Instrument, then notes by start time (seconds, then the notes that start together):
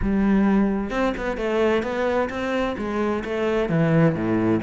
cello
0.01 G3
0.90 C4
1.17 B3
1.37 A3
1.82 B3
2.29 C4
2.77 G#3
3.24 A3
3.69 E3
4.14 A2